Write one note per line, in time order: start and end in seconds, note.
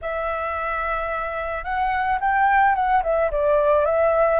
0.01 1.63 E5
1.63 2.18 F#5
2.20 2.75 G5
2.75 3.02 F#5
3.03 3.30 E5
3.31 3.85 D5
3.85 4.39 E5